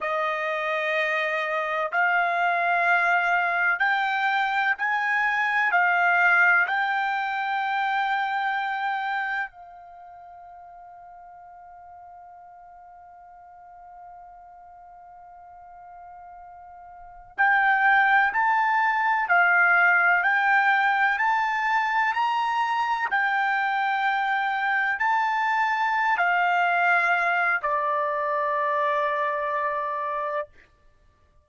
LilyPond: \new Staff \with { instrumentName = "trumpet" } { \time 4/4 \tempo 4 = 63 dis''2 f''2 | g''4 gis''4 f''4 g''4~ | g''2 f''2~ | f''1~ |
f''2~ f''16 g''4 a''8.~ | a''16 f''4 g''4 a''4 ais''8.~ | ais''16 g''2 a''4~ a''16 f''8~ | f''4 d''2. | }